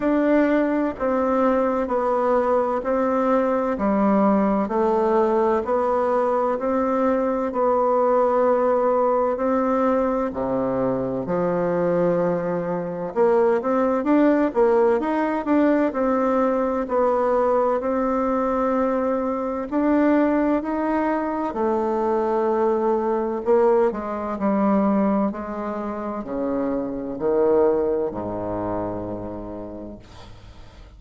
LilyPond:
\new Staff \with { instrumentName = "bassoon" } { \time 4/4 \tempo 4 = 64 d'4 c'4 b4 c'4 | g4 a4 b4 c'4 | b2 c'4 c4 | f2 ais8 c'8 d'8 ais8 |
dis'8 d'8 c'4 b4 c'4~ | c'4 d'4 dis'4 a4~ | a4 ais8 gis8 g4 gis4 | cis4 dis4 gis,2 | }